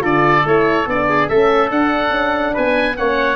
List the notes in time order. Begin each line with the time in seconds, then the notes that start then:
0.00 D3 F4 A4 D5
0.45 A3 E4 C#5
0.87 B3 D4 D5
1.09 G#4
1.28 A3 C#4 A4 E5
1.70 D4 F#5
2.10 C#4
2.53 B3 B4 G#5
2.96 A#3 C#4 C#5 F#5